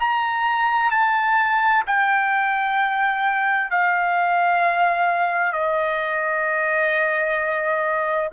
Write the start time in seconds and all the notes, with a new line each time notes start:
0.00 A#5
0.91 A5
1.87 G5
3.71 F5
5.53 D#5